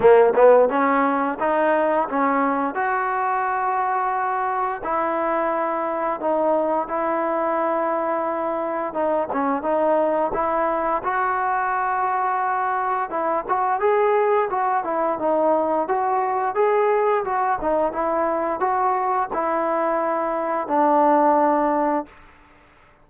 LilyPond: \new Staff \with { instrumentName = "trombone" } { \time 4/4 \tempo 4 = 87 ais8 b8 cis'4 dis'4 cis'4 | fis'2. e'4~ | e'4 dis'4 e'2~ | e'4 dis'8 cis'8 dis'4 e'4 |
fis'2. e'8 fis'8 | gis'4 fis'8 e'8 dis'4 fis'4 | gis'4 fis'8 dis'8 e'4 fis'4 | e'2 d'2 | }